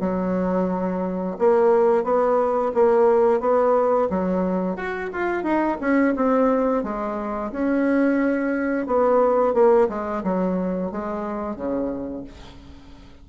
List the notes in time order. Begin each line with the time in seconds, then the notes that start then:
0.00 F#3
1.38 A#3
2.04 B3
2.74 A#3
3.40 B3
4.09 F#3
4.76 F#4
5.13 F4
5.43 D#4
5.80 C#4
6.16 C4
6.83 G#3
7.52 C#4
8.86 B3
9.54 A#3
9.89 G#3
10.23 F#3
10.91 G#3
11.55 C#3